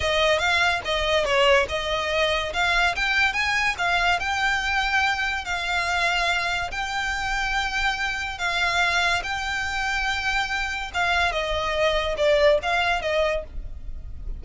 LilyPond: \new Staff \with { instrumentName = "violin" } { \time 4/4 \tempo 4 = 143 dis''4 f''4 dis''4 cis''4 | dis''2 f''4 g''4 | gis''4 f''4 g''2~ | g''4 f''2. |
g''1 | f''2 g''2~ | g''2 f''4 dis''4~ | dis''4 d''4 f''4 dis''4 | }